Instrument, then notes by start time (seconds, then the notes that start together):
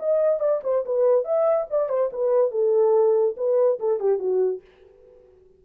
horn
0.00 D#5
0.40 D5
0.64 C5
0.86 B4
1.25 E5
1.71 D5
1.90 C5
2.13 B4
2.52 A4
3.37 B4
3.80 A4
4.00 G4
4.19 F#4